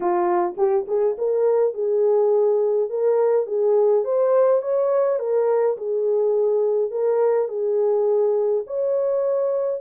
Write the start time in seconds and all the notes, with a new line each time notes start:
0.00 F4
0.57 G4
0.87 G#4
1.18 A#4
1.74 G#4
2.89 A#4
3.46 G#4
4.04 C5
4.62 C#5
5.19 A#4
5.77 G#4
6.90 A#4
7.48 G#4
8.67 C#5